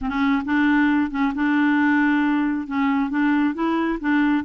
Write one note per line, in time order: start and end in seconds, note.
0.01 0.09 C4
0.09 0.42 C#4
0.45 1.10 D4
1.10 1.33 C#4
1.34 2.67 D4
2.67 3.09 C#4
3.09 3.54 D4
3.54 3.99 E4
4.00 4.44 D4